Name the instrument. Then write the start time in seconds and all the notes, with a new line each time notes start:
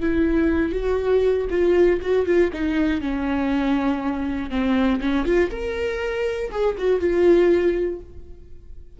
viola
0.00 E4
0.72 F#4
1.50 F4
2.01 F#4
2.25 F4
2.53 D#4
3.01 C#4
4.50 C4
5.00 C#4
5.25 F4
5.50 A#4
6.51 G#4
6.77 F#4
7.00 F4